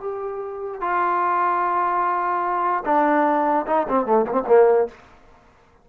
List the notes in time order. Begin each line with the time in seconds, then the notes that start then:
0.00 G4
0.81 F4
2.85 D4
3.67 D#4
3.89 C4
4.06 A3
4.26 A#3
4.32 C4
4.47 A#3